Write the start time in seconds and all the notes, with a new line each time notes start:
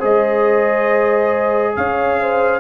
0.00 G#3 G#4 C5 D#5
1.76 C#4 C#5 F5
2.21 C5